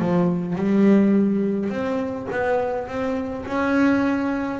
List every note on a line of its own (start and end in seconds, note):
0.00 0.56 F3
0.56 1.70 G3
1.70 2.28 C4
2.32 2.88 B3
2.88 3.46 C4
3.46 4.60 C#4